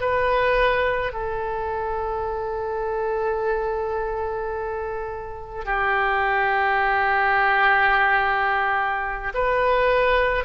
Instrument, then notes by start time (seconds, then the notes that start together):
oboe
0.00 B4
1.13 A4
5.65 G4
9.34 B4